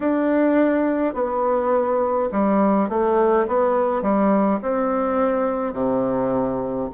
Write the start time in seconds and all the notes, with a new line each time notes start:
0.00 D4
1.14 B3
2.31 G3
2.88 A3
3.47 B3
4.01 G3
4.62 C4
5.73 C3